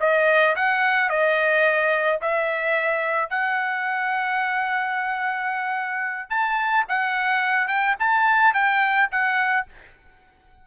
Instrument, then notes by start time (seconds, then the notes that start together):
trumpet
0.00 D#5
0.56 F#5
1.09 D#5
2.21 E5
3.30 F#5
6.30 A5
6.88 F#5
7.67 G5
7.99 A5
8.54 G5
9.11 F#5